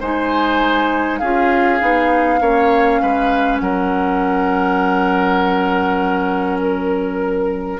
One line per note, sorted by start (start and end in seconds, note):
0.00 1.21 G#3
0.00 1.22 D#4
0.00 1.19 C5
0.00 1.18 G#5
1.18 1.80 C#4
1.18 1.79 F4
1.18 2.39 G#4
1.18 3.58 F5
1.79 2.40 B3
1.79 2.40 D#4
2.40 3.00 A#3
2.40 7.80 C#4
2.40 3.01 C#5
3.02 3.60 G#3
3.02 3.62 B4
3.58 7.80 F#3
3.58 7.80 A#4
3.58 6.58 F#5
6.60 7.80 A#4